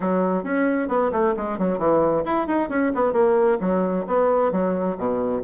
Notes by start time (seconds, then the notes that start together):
0.00 F#3
0.43 C#4
0.88 B3
1.12 A3
1.37 G#3
1.58 F#3
1.78 E3
2.25 E4
2.47 D#4
2.69 C#4
2.94 B3
3.13 A#3
3.60 F#3
4.07 B3
4.51 F#3
4.97 B2